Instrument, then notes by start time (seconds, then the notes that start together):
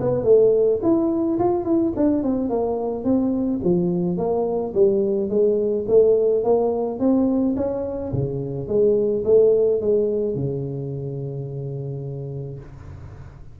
tuba
0.00 B3
0.24 A3
0.82 E4
1.39 F4
1.64 E4
1.96 D4
2.23 C4
2.49 A#3
3.04 C4
3.64 F3
4.17 A#3
4.74 G3
5.29 G#3
5.88 A3
6.44 A#3
6.99 C4
7.56 C#4
8.13 C#3
8.68 G#3
9.25 A3
9.81 G#3
10.35 C#3